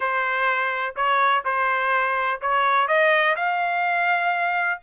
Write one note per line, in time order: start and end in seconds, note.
0.00 0.94 C5
0.96 1.44 C#5
1.44 2.40 C5
2.41 2.87 C#5
2.87 3.35 D#5
3.36 4.80 F5